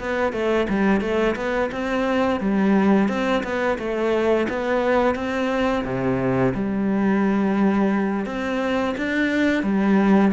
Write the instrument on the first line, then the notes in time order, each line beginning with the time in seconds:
cello
0.00 B3
0.33 A3
0.69 G3
1.01 A3
1.36 B3
1.72 C4
2.40 G3
3.09 C4
3.43 B3
3.78 A3
4.49 B3
5.15 C4
5.84 C3
6.55 G3
8.26 C4
8.97 D4
9.63 G3